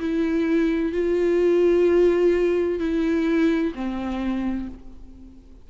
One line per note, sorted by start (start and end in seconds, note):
0.00 0.92 E4
0.92 2.80 F4
2.80 3.73 E4
3.75 4.69 C4